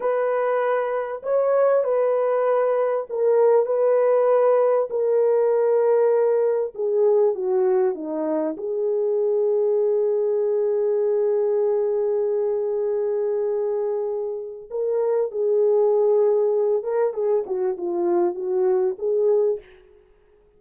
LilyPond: \new Staff \with { instrumentName = "horn" } { \time 4/4 \tempo 4 = 98 b'2 cis''4 b'4~ | b'4 ais'4 b'2 | ais'2. gis'4 | fis'4 dis'4 gis'2~ |
gis'1~ | gis'1 | ais'4 gis'2~ gis'8 ais'8 | gis'8 fis'8 f'4 fis'4 gis'4 | }